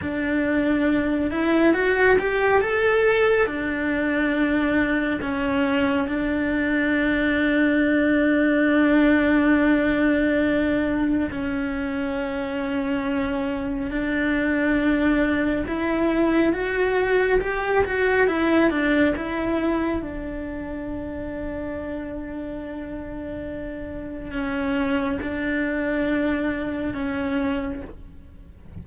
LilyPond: \new Staff \with { instrumentName = "cello" } { \time 4/4 \tempo 4 = 69 d'4. e'8 fis'8 g'8 a'4 | d'2 cis'4 d'4~ | d'1~ | d'4 cis'2. |
d'2 e'4 fis'4 | g'8 fis'8 e'8 d'8 e'4 d'4~ | d'1 | cis'4 d'2 cis'4 | }